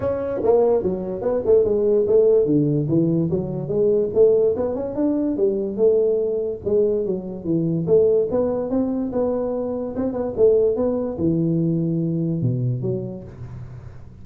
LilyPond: \new Staff \with { instrumentName = "tuba" } { \time 4/4 \tempo 4 = 145 cis'4 ais4 fis4 b8 a8 | gis4 a4 d4 e4 | fis4 gis4 a4 b8 cis'8 | d'4 g4 a2 |
gis4 fis4 e4 a4 | b4 c'4 b2 | c'8 b8 a4 b4 e4~ | e2 b,4 fis4 | }